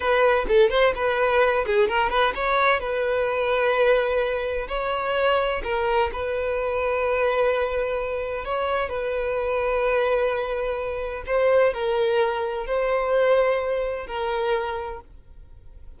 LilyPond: \new Staff \with { instrumentName = "violin" } { \time 4/4 \tempo 4 = 128 b'4 a'8 c''8 b'4. gis'8 | ais'8 b'8 cis''4 b'2~ | b'2 cis''2 | ais'4 b'2.~ |
b'2 cis''4 b'4~ | b'1 | c''4 ais'2 c''4~ | c''2 ais'2 | }